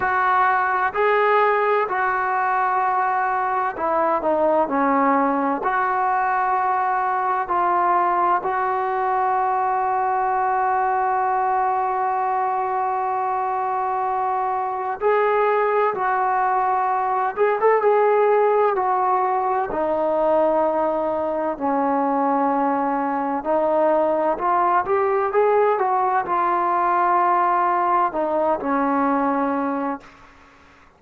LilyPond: \new Staff \with { instrumentName = "trombone" } { \time 4/4 \tempo 4 = 64 fis'4 gis'4 fis'2 | e'8 dis'8 cis'4 fis'2 | f'4 fis'2.~ | fis'1 |
gis'4 fis'4. gis'16 a'16 gis'4 | fis'4 dis'2 cis'4~ | cis'4 dis'4 f'8 g'8 gis'8 fis'8 | f'2 dis'8 cis'4. | }